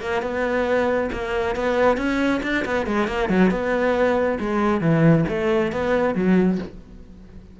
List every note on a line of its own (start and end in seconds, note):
0.00 0.22 A#3
0.22 1.09 B3
1.12 1.55 A#3
1.55 1.97 B3
1.97 2.41 C#4
2.42 2.64 D4
2.65 2.86 B3
2.86 3.07 G#3
3.07 3.29 A#3
3.29 3.50 F#3
3.50 4.38 B3
4.39 4.81 G#3
4.81 5.24 E3
5.28 5.72 A3
5.72 6.14 B3
6.14 6.58 F#3